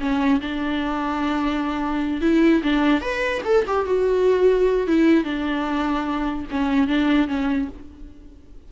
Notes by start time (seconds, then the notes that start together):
0.00 C#4
0.41 D4
2.21 E4
2.64 D4
3.01 B4
3.45 A4
3.67 G4
3.86 F#4
4.87 E4
5.24 D4
6.51 C#4
6.88 D4
7.28 C#4